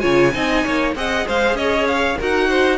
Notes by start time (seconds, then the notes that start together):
0.00 C#3 F4 C#5 G#5
0.34 C4 D#4 D#5
0.64 A#3 C#5
0.95 C4 G#4 D#5 F#5
1.27 G#3 C5 F5
1.54 C#4 C#5 D#5
1.88 F5
2.18 D#4 F#4 A#4 F#5
2.49 C5